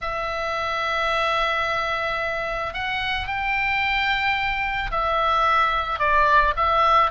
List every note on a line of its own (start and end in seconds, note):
0.01 2.73 E5
2.73 3.27 F#5
3.27 4.91 G5
4.91 5.99 E5
5.99 6.53 D5
6.56 7.10 E5